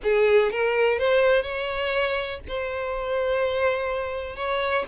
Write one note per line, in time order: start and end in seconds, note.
0.03 0.51 G#4
0.51 0.99 A#4
0.99 1.42 C5
1.42 2.40 C#5
2.48 4.36 C5
4.36 4.84 C#5